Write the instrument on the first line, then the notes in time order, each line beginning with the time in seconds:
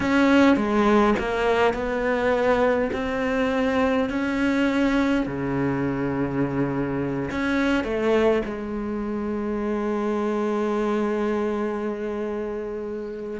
cello
0.00 C#4
0.56 G#3
1.18 A#3
1.73 B3
2.93 C4
4.09 C#4
5.26 C#3
7.30 C#4
7.83 A3
8.45 G#3